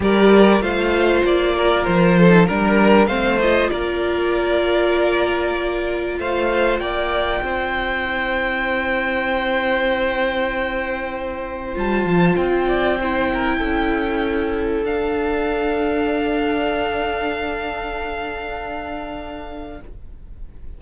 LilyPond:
<<
  \new Staff \with { instrumentName = "violin" } { \time 4/4 \tempo 4 = 97 d''4 f''4 d''4 c''4 | ais'4 f''8 dis''8 d''2~ | d''2 f''4 g''4~ | g''1~ |
g''2. a''4 | g''1 | f''1~ | f''1 | }
  \new Staff \with { instrumentName = "violin" } { \time 4/4 ais'4 c''4. ais'4 a'8 | ais'4 c''4 ais'2~ | ais'2 c''4 d''4 | c''1~ |
c''1~ | c''8 d''8 c''8 ais'8 a'2~ | a'1~ | a'1 | }
  \new Staff \with { instrumentName = "viola" } { \time 4/4 g'4 f'2~ f'8. dis'16 | d'4 c'8 f'2~ f'8~ | f'1~ | f'4 e'2.~ |
e'2. f'4~ | f'4 e'2. | d'1~ | d'1 | }
  \new Staff \with { instrumentName = "cello" } { \time 4/4 g4 a4 ais4 f4 | g4 a4 ais2~ | ais2 a4 ais4 | c'1~ |
c'2. g8 f8 | c'2 cis'2 | d'1~ | d'1 | }
>>